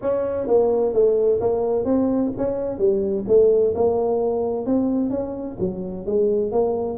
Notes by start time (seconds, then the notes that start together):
0.01 C#4
0.47 A#3
0.93 A3
1.40 A#3
1.85 C4
2.37 C#4
2.78 G3
3.27 A3
3.74 A#3
4.66 C4
5.10 C#4
5.59 F#3
6.05 G#3
6.51 A#3